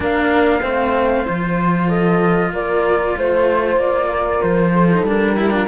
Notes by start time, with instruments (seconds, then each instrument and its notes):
0.00 cello A#3 D4, horn A#4, flute F5
0.60 cello A3 C4, horn C5
1.24 cello F3 F4, flute C5
1.88 horn A4, flute D#5
2.52 cello A#3, horn A#4, flute D5
3.17 cello A3, horn C5, flute C5
3.76 cello A#3, flute D5
4.08 horn A#4
4.41 cello F3, flute C5
4.72 horn A4
4.91 cello D#4
5.02 cello G3 D4
5.09 flute A#4
5.36 cello E4, horn G4
5.50 cello D4, horn F4